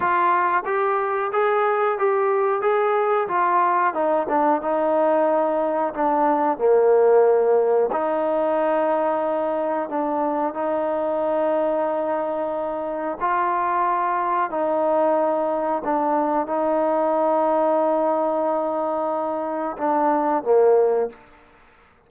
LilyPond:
\new Staff \with { instrumentName = "trombone" } { \time 4/4 \tempo 4 = 91 f'4 g'4 gis'4 g'4 | gis'4 f'4 dis'8 d'8 dis'4~ | dis'4 d'4 ais2 | dis'2. d'4 |
dis'1 | f'2 dis'2 | d'4 dis'2.~ | dis'2 d'4 ais4 | }